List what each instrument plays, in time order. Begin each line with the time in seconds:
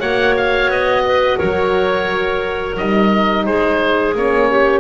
0.00 double bass A#3, horn F#4, clarinet C#5, oboe F#5
0.37 oboe F5
0.68 double bass B3, oboe D#5
1.05 clarinet B4
1.38 double bass F#3, clarinet A#4, oboe C#5
2.77 double bass G3, horn D#4, oboe D#5
3.46 double bass G#3, clarinet G#4, oboe C5
4.15 double bass A#3, horn C#4, oboe C#5
4.50 clarinet G4